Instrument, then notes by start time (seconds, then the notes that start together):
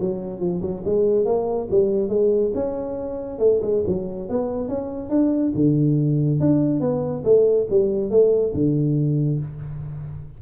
tuba
0.00 F#3
0.39 F3
0.61 F#3
0.85 G#3
1.25 A#3
1.70 G3
2.09 G#3
2.54 C#4
3.39 A3
3.62 G#3
3.87 F#3
4.29 B3
4.68 C#4
5.09 D4
5.55 D3
6.40 D4
6.80 B3
7.24 A3
7.69 G3
8.10 A3
8.54 D3